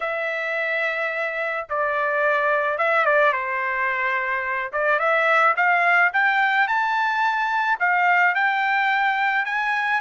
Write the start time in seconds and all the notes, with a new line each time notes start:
0.00 E5
1.69 D5
2.78 E5
3.05 D5
3.32 C5
4.72 D5
4.98 E5
5.56 F5
6.13 G5
6.67 A5
7.79 F5
8.35 G5
9.45 G#5